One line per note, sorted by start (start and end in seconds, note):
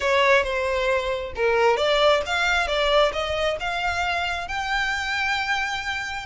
0.00 0.43 C#5
0.43 1.32 C5
1.35 1.77 A#4
1.77 2.21 D5
2.26 2.67 F5
2.67 3.12 D5
3.12 3.57 D#5
3.60 4.48 F5
4.48 6.26 G5